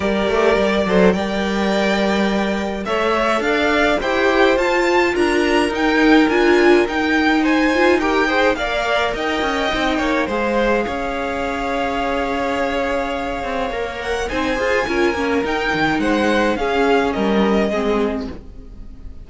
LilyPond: <<
  \new Staff \with { instrumentName = "violin" } { \time 4/4 \tempo 4 = 105 d''2 g''2~ | g''4 e''4 f''4 g''4 | a''4 ais''4 g''4 gis''4 | g''4 gis''4 g''4 f''4 |
g''2 f''2~ | f''1~ | f''8 fis''8 gis''2 g''4 | fis''4 f''4 dis''2 | }
  \new Staff \with { instrumentName = "violin" } { \time 4/4 ais'4. c''8 d''2~ | d''4 cis''4 d''4 c''4~ | c''4 ais'2.~ | ais'4 c''4 ais'8 c''8 d''4 |
dis''4. cis''8 c''4 cis''4~ | cis''1~ | cis''4 c''4 ais'2 | c''4 gis'4 ais'4 gis'4 | }
  \new Staff \with { instrumentName = "viola" } { \time 4/4 g'4. a'8 ais'2~ | ais'4 a'2 g'4 | f'2 dis'4 f'4 | dis'4. f'8 g'8 gis'8 ais'4~ |
ais'4 dis'4 gis'2~ | gis'1 | ais'4 dis'8 gis'8 f'8 cis'8 dis'4~ | dis'4 cis'2 c'4 | }
  \new Staff \with { instrumentName = "cello" } { \time 4/4 g8 a8 g8 fis8 g2~ | g4 a4 d'4 e'4 | f'4 d'4 dis'4 d'4 | dis'2. ais4 |
dis'8 cis'8 c'8 ais8 gis4 cis'4~ | cis'2.~ cis'8 c'8 | ais4 c'8 f'8 cis'8 ais8 dis'8 dis8 | gis4 cis'4 g4 gis4 | }
>>